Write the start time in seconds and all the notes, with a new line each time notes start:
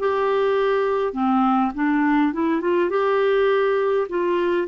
0.00 G4
1.13 C4
1.75 D4
2.33 E4
2.61 F4
2.90 G4
4.09 F4